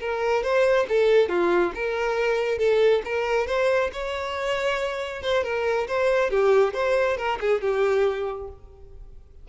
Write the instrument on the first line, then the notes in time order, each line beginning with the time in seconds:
violin
0.00 A#4
0.43 C5
0.89 A4
1.29 F4
1.75 A#4
2.58 A4
3.05 A#4
3.47 C5
3.93 C#5
5.22 C5
5.43 A#4
5.87 C5
6.30 G4
6.74 C5
7.17 A#4
7.40 G#4
7.61 G4